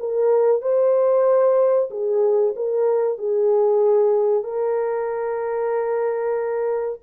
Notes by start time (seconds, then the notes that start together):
0.00 A#4
0.62 C5
1.91 G#4
2.56 A#4
3.19 G#4
4.44 A#4